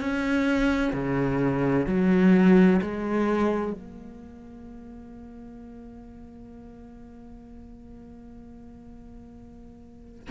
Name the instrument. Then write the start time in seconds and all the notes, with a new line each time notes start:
cello
0.00 C#4
0.92 C#3
1.87 F#3
2.81 G#3
3.72 A#3